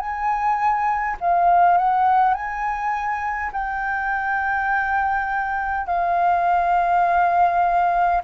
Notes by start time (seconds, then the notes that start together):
0.00 G#5
1.21 F5
1.78 F#5
2.34 G#5
3.53 G5
5.87 F5